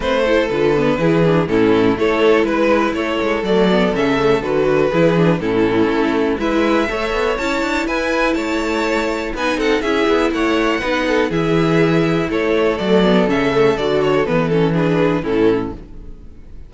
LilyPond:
<<
  \new Staff \with { instrumentName = "violin" } { \time 4/4 \tempo 4 = 122 c''4 b'2 a'4 | cis''4 b'4 cis''4 d''4 | e''4 b'2 a'4~ | a'4 e''2 a''4 |
gis''4 a''2 gis''8 fis''8 | e''4 fis''2 e''4~ | e''4 cis''4 d''4 e''4 | d''8 cis''8 b'8 a'8 b'4 a'4 | }
  \new Staff \with { instrumentName = "violin" } { \time 4/4 b'8 a'4. gis'4 e'4 | a'4 b'4 a'2~ | a'2 gis'4 e'4~ | e'4 b'4 cis''2 |
b'4 cis''2 b'8 a'8 | gis'4 cis''4 b'8 a'8 gis'4~ | gis'4 a'2.~ | a'2 gis'4 e'4 | }
  \new Staff \with { instrumentName = "viola" } { \time 4/4 c'8 e'8 f'8 b8 e'8 d'8 cis'4 | e'2. a8 b8 | cis'8 a8 fis'4 e'8 d'8 cis'4~ | cis'4 e'4 a'4 e'4~ |
e'2. dis'4 | e'2 dis'4 e'4~ | e'2 a8 b8 cis'8 a8 | fis'4 b8 cis'8 d'4 cis'4 | }
  \new Staff \with { instrumentName = "cello" } { \time 4/4 a4 d4 e4 a,4 | a4 gis4 a8 gis8 fis4 | cis4 d4 e4 a,4 | a4 gis4 a8 b8 cis'8 d'8 |
e'4 a2 b8 c'8 | cis'8 b8 a4 b4 e4~ | e4 a4 fis4 cis4 | d4 e2 a,4 | }
>>